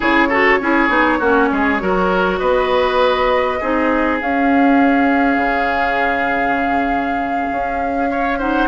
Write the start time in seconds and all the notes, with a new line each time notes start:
0.00 C#3 E4 G#4 C#5
0.28 F#4 A4
0.60 C#4 E4 G#4
0.89 B3 D#4
1.19 A#3 C#4 F#4
1.52 G#3 G#4
1.79 F#3 F#4 A#4
2.38 B3 B4 D#5
3.60 C4 D#4 G#4
4.21 C#4 F5
5.36 C#3
7.51 C#4
8.10 C#5
8.38 D#4 C5 F#5